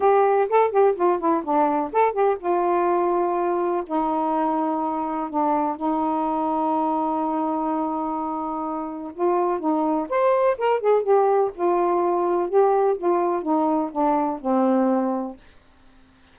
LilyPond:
\new Staff \with { instrumentName = "saxophone" } { \time 4/4 \tempo 4 = 125 g'4 a'8 g'8 f'8 e'8 d'4 | a'8 g'8 f'2. | dis'2. d'4 | dis'1~ |
dis'2. f'4 | dis'4 c''4 ais'8 gis'8 g'4 | f'2 g'4 f'4 | dis'4 d'4 c'2 | }